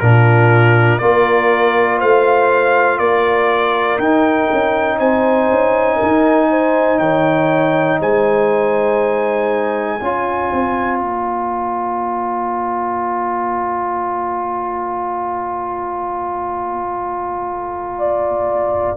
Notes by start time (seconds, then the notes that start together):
0.00 A#2 D4 F4 A#4
0.98 A#3 F4 A#4 D5
1.97 A3 C5 F5
2.98 A#3 A#4 D5
3.98 D#4 G5
4.52 C#4
4.98 C4 C5 G#5
5.50 C#4
5.96 A#4
6.02 D#4
6.50 C5
6.99 D#3 C#5 G5
8.00 G#3 C5 G#5
10.00 C#4 F4 C#5
10.51 C4
10.98 A#3 A#5
17.98 D5